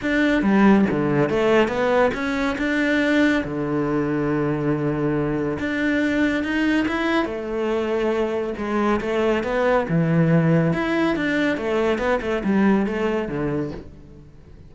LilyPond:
\new Staff \with { instrumentName = "cello" } { \time 4/4 \tempo 4 = 140 d'4 g4 d4 a4 | b4 cis'4 d'2 | d1~ | d4 d'2 dis'4 |
e'4 a2. | gis4 a4 b4 e4~ | e4 e'4 d'4 a4 | b8 a8 g4 a4 d4 | }